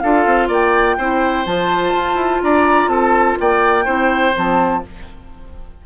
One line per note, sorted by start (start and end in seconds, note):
0.00 0.27 D4
0.00 0.99 F4
0.00 0.48 A4
0.00 0.48 F5
0.27 0.49 C4
0.48 0.97 A#3
0.48 0.96 D5
0.48 1.46 G5
0.98 1.46 C4
0.98 1.46 E4
0.98 2.42 C5
1.46 1.94 F3
1.46 3.85 F4
1.46 2.42 A5
1.95 2.15 F4
2.15 2.39 E4
2.43 2.88 D4
2.43 2.91 D5
2.43 2.89 A#5
2.88 3.35 C4
2.88 3.39 A4
2.88 3.37 A5
3.41 3.87 A#3
3.41 3.85 D5
3.41 4.37 G5
3.85 4.34 C4
3.85 4.33 E4
3.85 4.81 C5
4.34 4.85 F3
4.34 4.82 C4
4.34 4.86 A5